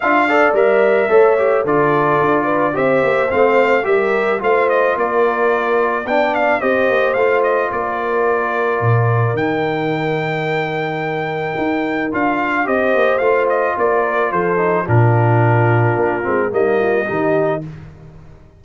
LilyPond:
<<
  \new Staff \with { instrumentName = "trumpet" } { \time 4/4 \tempo 4 = 109 f''4 e''2 d''4~ | d''4 e''4 f''4 e''4 | f''8 dis''8 d''2 g''8 f''8 | dis''4 f''8 dis''8 d''2~ |
d''4 g''2.~ | g''2 f''4 dis''4 | f''8 dis''8 d''4 c''4 ais'4~ | ais'2 dis''2 | }
  \new Staff \with { instrumentName = "horn" } { \time 4/4 e''8 d''4. cis''4 a'4~ | a'8 b'8 c''2 ais'4 | c''4 ais'2 d''4 | c''2 ais'2~ |
ais'1~ | ais'2. c''4~ | c''4 ais'4 a'4 f'4~ | f'2 dis'8 f'8 g'4 | }
  \new Staff \with { instrumentName = "trombone" } { \time 4/4 f'8 a'8 ais'4 a'8 g'8 f'4~ | f'4 g'4 c'4 g'4 | f'2. d'4 | g'4 f'2.~ |
f'4 dis'2.~ | dis'2 f'4 g'4 | f'2~ f'8 dis'8 d'4~ | d'4. c'8 ais4 dis'4 | }
  \new Staff \with { instrumentName = "tuba" } { \time 4/4 d'4 g4 a4 d4 | d'4 c'8 ais8 a4 g4 | a4 ais2 b4 | c'8 ais8 a4 ais2 |
ais,4 dis2.~ | dis4 dis'4 d'4 c'8 ais8 | a4 ais4 f4 ais,4~ | ais,4 ais8 gis8 g4 dis4 | }
>>